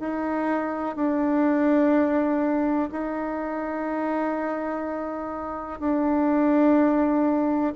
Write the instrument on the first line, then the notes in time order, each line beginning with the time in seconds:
bassoon
0.00 D#4
0.96 D4
2.92 D#4
5.80 D4